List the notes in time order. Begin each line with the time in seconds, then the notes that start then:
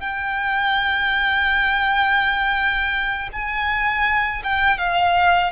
0.00 G5
3.33 G#5
4.43 G5
4.78 F5